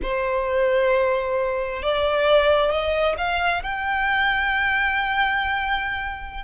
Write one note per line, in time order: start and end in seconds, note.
0.02 1.82 C5
1.82 2.70 D5
2.70 3.15 D#5
3.17 3.62 F5
3.63 6.43 G5